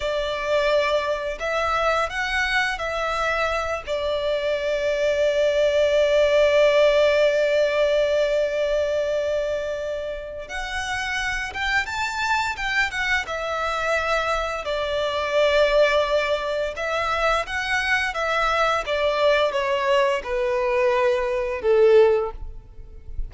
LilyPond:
\new Staff \with { instrumentName = "violin" } { \time 4/4 \tempo 4 = 86 d''2 e''4 fis''4 | e''4. d''2~ d''8~ | d''1~ | d''2. fis''4~ |
fis''8 g''8 a''4 g''8 fis''8 e''4~ | e''4 d''2. | e''4 fis''4 e''4 d''4 | cis''4 b'2 a'4 | }